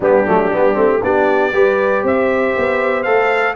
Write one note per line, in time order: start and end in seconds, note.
0.00 0.24 G3
0.00 0.26 B3
0.00 1.00 D4
0.00 1.03 G4
0.26 0.52 F#3
0.26 0.51 A3
0.52 0.76 G3
0.52 0.74 B3
0.74 1.01 A3
0.74 0.99 C4
1.02 1.53 B3
1.02 1.52 D4
1.02 1.53 G4
1.02 2.05 D5
1.52 2.03 G3
1.52 3.04 G4
1.52 2.02 B4
2.02 2.54 C4
2.02 3.55 C5
2.02 3.03 E5
2.57 3.07 B3
3.03 3.56 A3
3.03 3.55 A4
3.03 3.53 F5